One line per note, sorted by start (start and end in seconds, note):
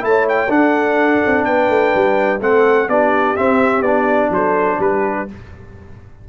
0.00 0.49 A3
0.00 0.48 E4
0.00 0.28 A5
0.06 0.52 C#5
0.28 0.51 G5
0.49 1.20 D4
0.49 2.40 D4
0.49 1.46 A4
0.49 1.44 F#5
1.26 1.46 C4
1.44 1.69 B3
1.44 2.41 B4
1.44 2.40 G5
1.69 1.93 A3
1.94 2.40 G3
2.40 2.88 A3
2.40 2.88 C4
2.40 2.88 A4
2.40 2.89 F#5
2.88 3.36 B3
2.88 3.36 D4
2.88 4.32 G4
2.88 3.36 D5
3.36 3.83 C4
3.36 3.81 C4
3.36 3.82 E5
3.81 4.28 B3
3.81 5.28 D4
3.81 4.30 D5
4.30 4.77 F#3
4.30 4.77 A4
4.30 4.81 C5
4.77 5.27 G3
4.77 5.25 G4
4.77 5.28 B4